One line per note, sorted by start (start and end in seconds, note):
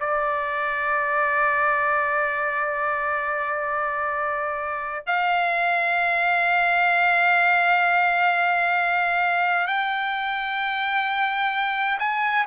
0.00 5.06 D5
5.06 9.67 F5
9.67 11.98 G5
11.99 12.45 G#5